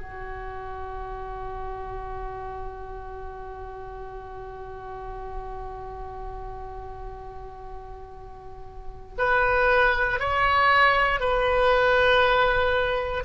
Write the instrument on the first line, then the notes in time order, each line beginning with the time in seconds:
oboe
0.00 F#4
9.18 B4
10.19 C#5
11.20 B4